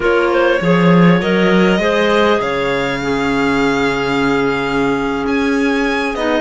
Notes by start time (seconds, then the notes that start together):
0.00 A#3 F4 A#4 C#5
0.31 C5
0.59 F3 G#4 C#5
1.20 F#3 A#4 D#5
1.79 G#3 G#4 C5
2.39 C#3 C#5 F5
3.00 C#4 G#4
5.26 C#4 G#5
6.15 B3 D#4 D#5